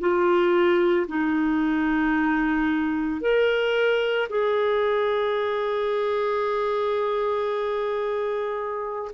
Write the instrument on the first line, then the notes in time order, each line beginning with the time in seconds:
clarinet
0.00 F4
1.08 D#4
3.21 A#4
4.30 G#4